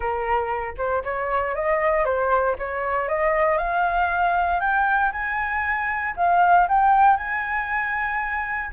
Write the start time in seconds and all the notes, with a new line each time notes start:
0.00 A#4
0.77 C5
1.04 C#5
1.55 D#5
2.04 C5
2.58 C#5
3.08 D#5
3.57 F5
4.60 G5
5.12 G#5
6.16 F5
6.68 G5
7.17 G#5